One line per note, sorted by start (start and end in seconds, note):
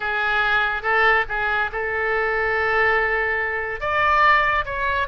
0.00 0.82 G#4
0.82 1.24 A4
1.28 1.71 G#4
1.72 3.80 A4
3.80 4.64 D5
4.65 5.07 C#5